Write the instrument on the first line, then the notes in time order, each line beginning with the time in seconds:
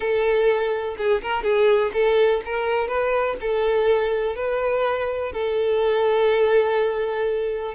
violin
0.00 A4
0.97 G#4
1.21 A#4
1.43 G#4
1.93 A4
2.45 A#4
2.88 B4
3.40 A4
4.35 B4
5.32 A4